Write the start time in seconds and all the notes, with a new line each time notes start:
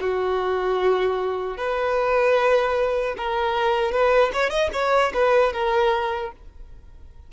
0.00 F#4
1.57 B4
3.17 A#4
3.92 B4
4.33 C#5
4.50 D#5
4.73 C#5
5.14 B4
5.53 A#4